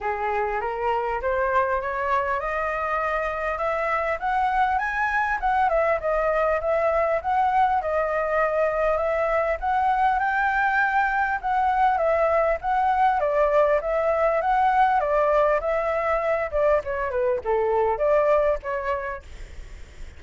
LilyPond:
\new Staff \with { instrumentName = "flute" } { \time 4/4 \tempo 4 = 100 gis'4 ais'4 c''4 cis''4 | dis''2 e''4 fis''4 | gis''4 fis''8 e''8 dis''4 e''4 | fis''4 dis''2 e''4 |
fis''4 g''2 fis''4 | e''4 fis''4 d''4 e''4 | fis''4 d''4 e''4. d''8 | cis''8 b'8 a'4 d''4 cis''4 | }